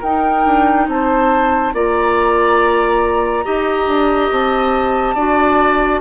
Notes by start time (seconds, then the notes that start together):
0.00 D#4 A#4 G5
0.06 D#4
0.46 D4
0.88 C4 C5 A5
1.74 A#3 F4 D5 A#5
3.45 D#4 G4 D#5
3.87 D4
4.32 C4 A5
5.15 D4 F#4 D5